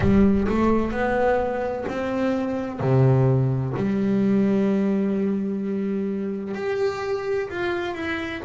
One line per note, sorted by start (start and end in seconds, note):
0.00 0.47 G3
0.48 0.91 A3
0.91 1.85 B3
1.88 2.80 C4
2.80 3.73 C3
3.76 6.55 G3
6.55 7.48 G4
7.49 7.94 F4
7.94 8.41 E4